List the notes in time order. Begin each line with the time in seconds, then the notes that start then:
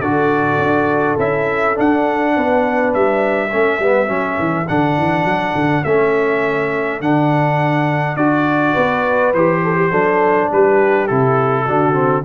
0.00 D3 F#4 A4 D5
0.58 D4
1.18 C#4 E4 E5
1.74 D4 F#5
2.36 B3 B4
2.93 G3 E5
3.50 A3 C#4 A4
3.79 G3 B3
4.07 F#3 C#4
4.39 E3
4.68 D3 D4 F#5
4.98 E3
5.25 F#3
5.54 D3
5.84 A3 C#4 E5
7.00 D3 D4 F#5
8.16 D4 F#4 D5
8.73 B3 B4
9.33 E3 G4 C5
9.63 A4
9.76 G4
9.91 F#3 D4 A4
10.52 G3 G4 B4
11.07 C3 E4 A4
11.65 D3 D4 F#4
11.93 C4